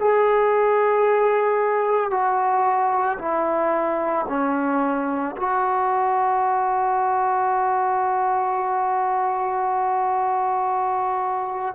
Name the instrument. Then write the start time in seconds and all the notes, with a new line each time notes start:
trombone
0.00 G#4
2.11 F#4
3.19 E4
4.29 C#4
5.37 F#4